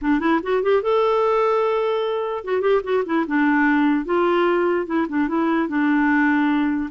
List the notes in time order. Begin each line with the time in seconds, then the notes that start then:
0.01 D4
0.20 E4
0.43 F#4
0.62 G4
0.82 A4
2.44 F#4
2.61 G4
2.83 F#4
3.05 E4
3.27 D4
4.05 F4
4.86 E4
5.08 D4
5.28 E4
5.68 D4